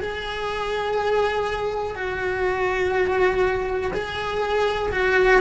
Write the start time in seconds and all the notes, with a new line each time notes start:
0.00 G#4
1.94 F#4
3.93 G#4
4.91 F#4